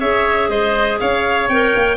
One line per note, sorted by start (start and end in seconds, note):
0.00 0.49 C#4
0.00 1.50 G#4
0.00 0.50 C#5
0.00 0.50 E5
0.49 0.99 G#3
0.49 1.00 C5
0.49 0.99 D#5
1.00 1.49 C#4
1.00 1.98 C#5
1.00 1.49 F5
1.49 1.74 C4
1.49 1.98 A#4
1.49 1.98 G5
1.76 1.98 A#3